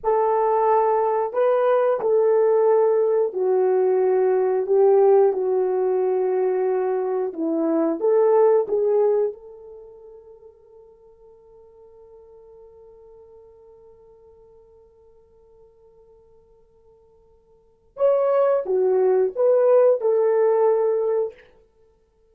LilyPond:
\new Staff \with { instrumentName = "horn" } { \time 4/4 \tempo 4 = 90 a'2 b'4 a'4~ | a'4 fis'2 g'4 | fis'2. e'4 | a'4 gis'4 a'2~ |
a'1~ | a'1~ | a'2. cis''4 | fis'4 b'4 a'2 | }